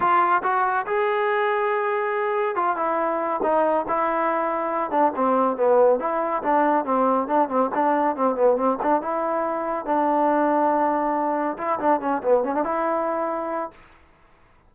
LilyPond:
\new Staff \with { instrumentName = "trombone" } { \time 4/4 \tempo 4 = 140 f'4 fis'4 gis'2~ | gis'2 f'8 e'4. | dis'4 e'2~ e'8 d'8 | c'4 b4 e'4 d'4 |
c'4 d'8 c'8 d'4 c'8 b8 | c'8 d'8 e'2 d'4~ | d'2. e'8 d'8 | cis'8 b8 cis'16 d'16 e'2~ e'8 | }